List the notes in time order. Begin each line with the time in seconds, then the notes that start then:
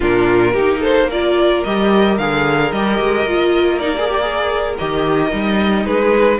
0.00 A#2 D4 F4 A#4
0.53 A#3 D#4 G4
0.80 A4 C5
1.10 F4 A#4 D5
1.63 G3 G4 D#5
2.17 D3 G#4 F5
2.71 G3 G4 D#5
2.99 G#3
3.25 A#3 F4
3.79 D#4 D5
3.97 G#4
4.09 G4
4.20 G#4
4.77 D#3 G4 D#5
5.30 G3 D#4
5.85 G#3 G#4 B4